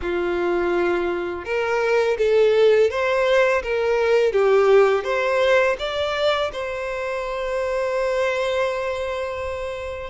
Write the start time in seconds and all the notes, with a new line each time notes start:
0.01 F4
1.45 A#4
2.18 A4
2.90 C5
3.62 A#4
4.32 G4
5.04 C5
5.78 D5
6.52 C5